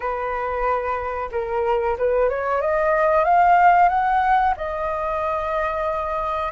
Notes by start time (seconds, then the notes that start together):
0.00 B4
1.31 A#4
1.98 B4
2.29 C#5
2.61 D#5
3.24 F5
3.89 F#5
4.56 D#5